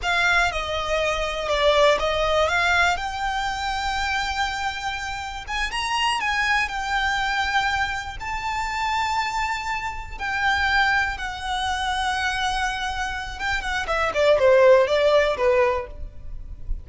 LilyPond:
\new Staff \with { instrumentName = "violin" } { \time 4/4 \tempo 4 = 121 f''4 dis''2 d''4 | dis''4 f''4 g''2~ | g''2. gis''8 ais''8~ | ais''8 gis''4 g''2~ g''8~ |
g''8 a''2.~ a''8~ | a''8 g''2 fis''4.~ | fis''2. g''8 fis''8 | e''8 d''8 c''4 d''4 b'4 | }